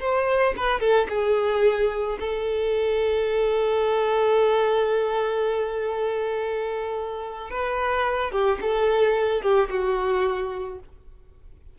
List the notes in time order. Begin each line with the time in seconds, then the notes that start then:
0.00 C5
0.57 B4
0.80 A4
1.09 G#4
2.20 A4
7.50 B4
8.32 G4
8.61 A4
9.42 G4
9.70 F#4